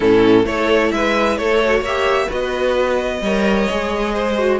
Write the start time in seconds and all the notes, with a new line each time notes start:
0.00 A2 C#4 E4 A4
0.44 A3 E4 A4 C#5
0.91 G#3 B4 E5
1.37 A3 A4 C#5
1.63 F#4
1.80 A#3 C#5 E5
1.86 G4
2.27 B3 F#4 B4 D#5
3.21 G3 A#4 C#5
3.69 G#3 G#4
4.13 C5
4.37 F#4